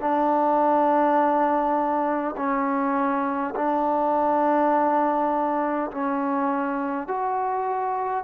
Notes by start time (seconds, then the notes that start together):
0.00 D4
2.37 C#4
3.56 D4
5.91 C#4
7.07 F#4